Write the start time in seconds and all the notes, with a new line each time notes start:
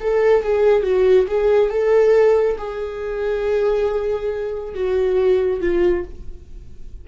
0.00 A4
0.43 G#4
0.83 F#4
1.27 G#4
1.70 A4
2.58 G#4
4.75 F#4
5.61 F4